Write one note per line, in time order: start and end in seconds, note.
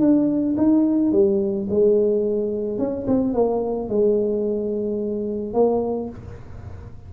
0.00 0.56 D4
0.57 1.12 D#4
1.12 1.68 G3
1.70 2.78 G#3
2.78 3.06 C#4
3.07 3.34 C4
3.34 3.89 A#3
3.89 5.54 G#3
5.54 6.09 A#3